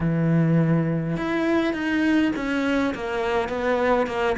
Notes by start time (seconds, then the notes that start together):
0.00 E3
1.17 E4
1.73 D#4
2.35 C#4
2.94 A#3
3.48 B3
4.06 A#3